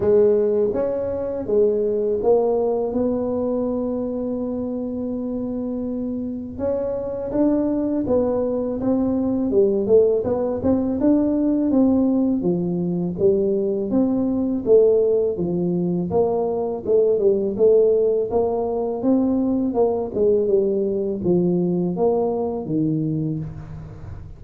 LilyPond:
\new Staff \with { instrumentName = "tuba" } { \time 4/4 \tempo 4 = 82 gis4 cis'4 gis4 ais4 | b1~ | b4 cis'4 d'4 b4 | c'4 g8 a8 b8 c'8 d'4 |
c'4 f4 g4 c'4 | a4 f4 ais4 a8 g8 | a4 ais4 c'4 ais8 gis8 | g4 f4 ais4 dis4 | }